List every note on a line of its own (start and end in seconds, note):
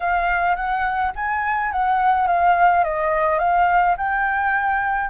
0.00 0.55 F5
0.55 1.12 F#5
1.15 1.72 G#5
1.72 2.27 F#5
2.27 2.84 F5
2.84 3.38 D#5
3.38 3.95 F5
3.97 5.10 G5